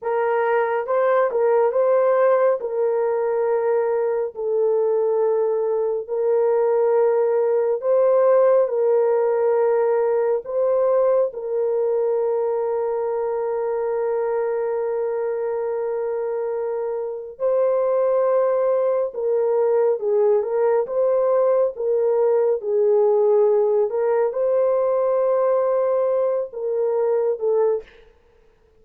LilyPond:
\new Staff \with { instrumentName = "horn" } { \time 4/4 \tempo 4 = 69 ais'4 c''8 ais'8 c''4 ais'4~ | ais'4 a'2 ais'4~ | ais'4 c''4 ais'2 | c''4 ais'2.~ |
ais'1 | c''2 ais'4 gis'8 ais'8 | c''4 ais'4 gis'4. ais'8 | c''2~ c''8 ais'4 a'8 | }